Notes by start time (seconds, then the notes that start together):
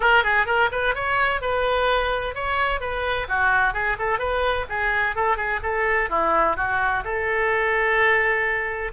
0.00 A#4
0.23 G#4
0.46 A#4
0.71 B4
0.94 C#5
1.41 B4
2.34 C#5
2.80 B4
3.28 F#4
3.73 G#4
3.98 A4
4.18 B4
4.69 G#4
5.15 A4
5.36 G#4
5.62 A4
6.09 E4
6.56 F#4
7.04 A4